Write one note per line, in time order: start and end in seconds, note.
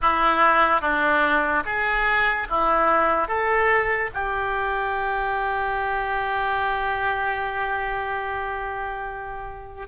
0.01 0.81 E4
0.81 1.63 D4
1.65 2.47 G#4
2.49 3.28 E4
3.28 4.10 A4
4.14 9.87 G4